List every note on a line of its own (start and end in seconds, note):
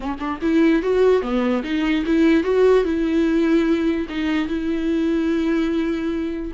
0.00 0.18 C#4
0.19 0.39 D4
0.41 0.82 E4
0.82 1.22 F#4
1.22 1.62 B3
1.63 2.04 D#4
2.06 2.43 E4
2.43 2.84 F#4
2.84 4.06 E4
4.09 4.48 D#4
4.48 6.52 E4